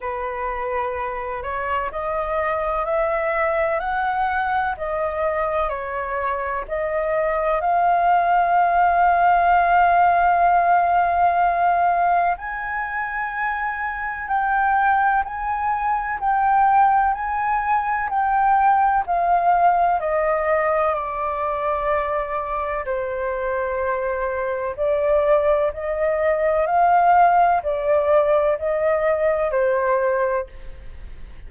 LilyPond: \new Staff \with { instrumentName = "flute" } { \time 4/4 \tempo 4 = 63 b'4. cis''8 dis''4 e''4 | fis''4 dis''4 cis''4 dis''4 | f''1~ | f''4 gis''2 g''4 |
gis''4 g''4 gis''4 g''4 | f''4 dis''4 d''2 | c''2 d''4 dis''4 | f''4 d''4 dis''4 c''4 | }